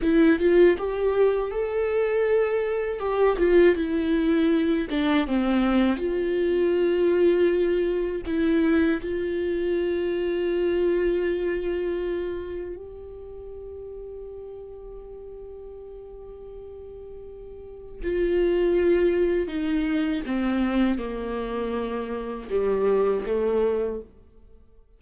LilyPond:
\new Staff \with { instrumentName = "viola" } { \time 4/4 \tempo 4 = 80 e'8 f'8 g'4 a'2 | g'8 f'8 e'4. d'8 c'4 | f'2. e'4 | f'1~ |
f'4 g'2.~ | g'1 | f'2 dis'4 c'4 | ais2 g4 a4 | }